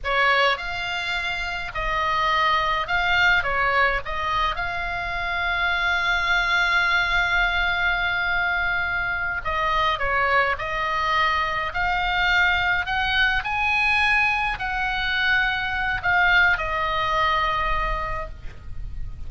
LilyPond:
\new Staff \with { instrumentName = "oboe" } { \time 4/4 \tempo 4 = 105 cis''4 f''2 dis''4~ | dis''4 f''4 cis''4 dis''4 | f''1~ | f''1~ |
f''8 dis''4 cis''4 dis''4.~ | dis''8 f''2 fis''4 gis''8~ | gis''4. fis''2~ fis''8 | f''4 dis''2. | }